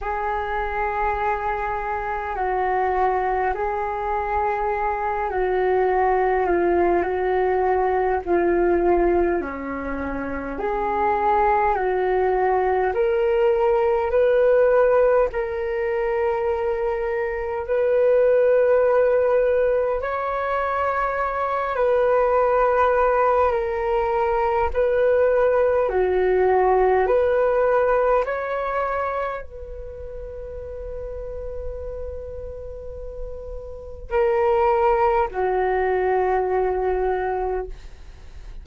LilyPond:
\new Staff \with { instrumentName = "flute" } { \time 4/4 \tempo 4 = 51 gis'2 fis'4 gis'4~ | gis'8 fis'4 f'8 fis'4 f'4 | cis'4 gis'4 fis'4 ais'4 | b'4 ais'2 b'4~ |
b'4 cis''4. b'4. | ais'4 b'4 fis'4 b'4 | cis''4 b'2.~ | b'4 ais'4 fis'2 | }